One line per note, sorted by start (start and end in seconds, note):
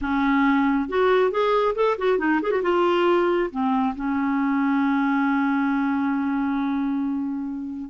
0.01 0.89 C#4
0.89 1.31 F#4
1.31 1.75 G#4
1.75 1.97 A4
1.98 2.18 F#4
2.18 2.40 D#4
2.41 2.51 G#4
2.51 2.62 F#4
2.62 3.50 F4
3.51 3.94 C4
3.95 7.90 C#4